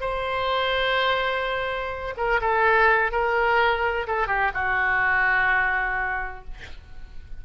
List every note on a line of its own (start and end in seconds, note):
0.00 2.14 C5
2.16 2.40 A#4
2.40 3.11 A4
3.11 4.06 A#4
4.07 4.27 A4
4.27 4.51 G4
4.54 6.44 F#4